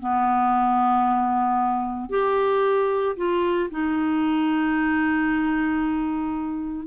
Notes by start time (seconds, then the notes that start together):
0.00 B3
2.10 G4
3.17 F4
3.71 D#4